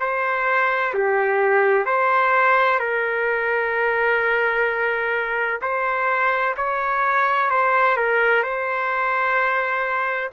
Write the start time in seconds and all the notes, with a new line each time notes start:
0.00 C5
0.94 G4
1.85 C5
2.79 A#4
5.62 C5
6.57 C#5
7.50 C5
7.97 A#4
8.43 C5